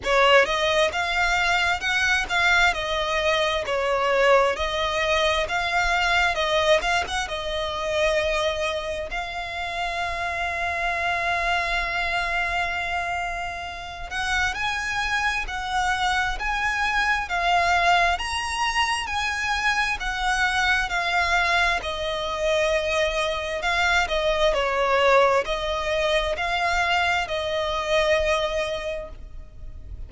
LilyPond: \new Staff \with { instrumentName = "violin" } { \time 4/4 \tempo 4 = 66 cis''8 dis''8 f''4 fis''8 f''8 dis''4 | cis''4 dis''4 f''4 dis''8 f''16 fis''16 | dis''2 f''2~ | f''2.~ f''8 fis''8 |
gis''4 fis''4 gis''4 f''4 | ais''4 gis''4 fis''4 f''4 | dis''2 f''8 dis''8 cis''4 | dis''4 f''4 dis''2 | }